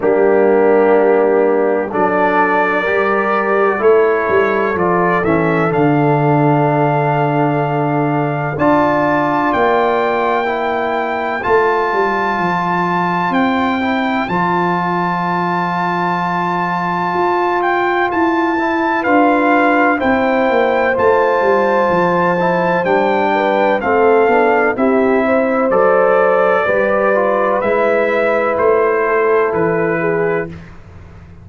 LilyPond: <<
  \new Staff \with { instrumentName = "trumpet" } { \time 4/4 \tempo 4 = 63 g'2 d''2 | cis''4 d''8 e''8 f''2~ | f''4 a''4 g''2 | a''2 g''4 a''4~ |
a''2~ a''8 g''8 a''4 | f''4 g''4 a''2 | g''4 f''4 e''4 d''4~ | d''4 e''4 c''4 b'4 | }
  \new Staff \with { instrumentName = "horn" } { \time 4/4 d'2 a'4 ais'4 | a'1~ | a'4 d''2 c''4~ | c''1~ |
c''1 | b'4 c''2.~ | c''8 b'8 a'4 g'8 c''4. | b'2~ b'8 a'4 gis'8 | }
  \new Staff \with { instrumentName = "trombone" } { \time 4/4 ais2 d'4 g'4 | e'4 f'8 cis'8 d'2~ | d'4 f'2 e'4 | f'2~ f'8 e'8 f'4~ |
f'2.~ f'8 e'8 | f'4 e'4 f'4. e'8 | d'4 c'8 d'8 e'4 a'4 | g'8 f'8 e'2. | }
  \new Staff \with { instrumentName = "tuba" } { \time 4/4 g2 fis4 g4 | a8 g8 f8 e8 d2~ | d4 d'4 ais2 | a8 g8 f4 c'4 f4~ |
f2 f'4 e'4 | d'4 c'8 ais8 a8 g8 f4 | g4 a8 b8 c'4 fis4 | g4 gis4 a4 e4 | }
>>